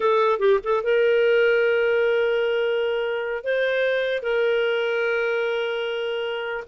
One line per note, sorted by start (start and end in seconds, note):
0.00 0.39 A4
0.39 0.59 G4
0.63 0.83 A4
0.83 3.44 A#4
3.44 4.22 C5
4.22 6.64 A#4